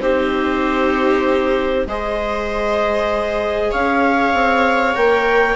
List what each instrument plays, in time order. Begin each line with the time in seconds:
0.00 bassoon C4, viola D#4 G4, clarinet C5
1.87 bassoon G#3, viola G#4 C5, clarinet D#5
3.71 bassoon C#4, viola C#5, clarinet F5
4.33 bassoon C4
4.94 bassoon A#3, viola A#4, clarinet G5